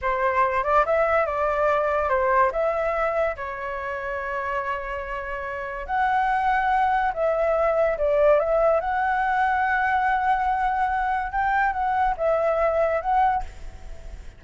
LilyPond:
\new Staff \with { instrumentName = "flute" } { \time 4/4 \tempo 4 = 143 c''4. d''8 e''4 d''4~ | d''4 c''4 e''2 | cis''1~ | cis''2 fis''2~ |
fis''4 e''2 d''4 | e''4 fis''2.~ | fis''2. g''4 | fis''4 e''2 fis''4 | }